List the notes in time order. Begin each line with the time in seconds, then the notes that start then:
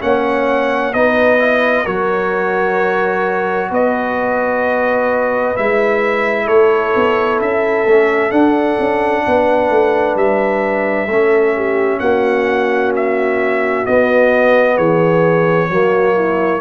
0.00 A#3 C#4 C#5 F#5
0.93 B3 D#4 B4 D#5
1.39 E4
1.84 F#3 F#4 A#4 C#5
3.71 B3 B4 D#5
5.56 G#3 E4 E5
6.45 A3 A4 C#5
6.95 B3
7.41 C#4 E5
7.86 A3 C#4
8.31 D4 F#5
8.79 C#4
9.26 B3 B4
9.70 A3
10.15 G3 E5
11.07 A3 C#4 A4
11.56 G4
11.99 A#3 F#4 F#5
12.96 E5
13.86 B3 D#5
14.76 E3 G#4 C#5
15.70 F#3 A#3 F#4
16.15 E4